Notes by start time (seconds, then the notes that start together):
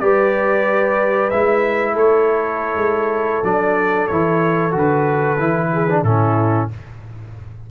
0.00 G3 G4 B4 D5
1.30 G#3 E4 E5
1.94 A3 A4 C#5
2.76 G#3
3.44 F#3 D4 D5
4.08 E3 E4 C#5
4.72 D3 F#4
4.79 B4
5.40 E3 E4
5.73 G#4
5.90 D4
6.03 A2 C#4 E4 A4